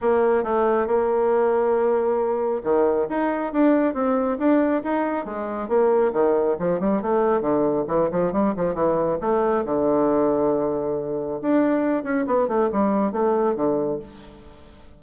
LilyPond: \new Staff \with { instrumentName = "bassoon" } { \time 4/4 \tempo 4 = 137 ais4 a4 ais2~ | ais2 dis4 dis'4 | d'4 c'4 d'4 dis'4 | gis4 ais4 dis4 f8 g8 |
a4 d4 e8 f8 g8 f8 | e4 a4 d2~ | d2 d'4. cis'8 | b8 a8 g4 a4 d4 | }